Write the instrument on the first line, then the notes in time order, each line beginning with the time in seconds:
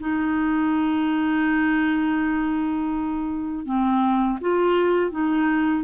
clarinet
0.00 D#4
3.66 C4
4.41 F4
5.11 D#4